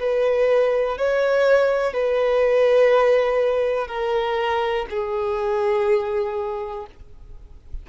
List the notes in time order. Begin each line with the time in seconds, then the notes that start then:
0.00 B4
0.98 C#5
1.94 B4
3.88 A#4
4.90 G#4